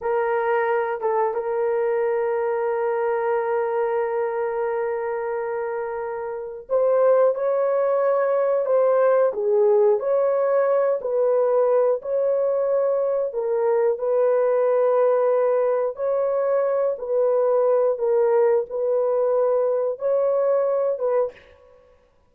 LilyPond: \new Staff \with { instrumentName = "horn" } { \time 4/4 \tempo 4 = 90 ais'4. a'8 ais'2~ | ais'1~ | ais'2 c''4 cis''4~ | cis''4 c''4 gis'4 cis''4~ |
cis''8 b'4. cis''2 | ais'4 b'2. | cis''4. b'4. ais'4 | b'2 cis''4. b'8 | }